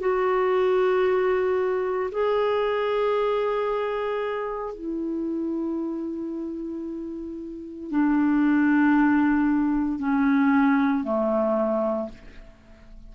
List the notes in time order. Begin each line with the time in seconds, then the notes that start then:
0.00 F#4
2.12 G#4
4.75 E4
7.91 D4
9.99 C#4
11.04 A3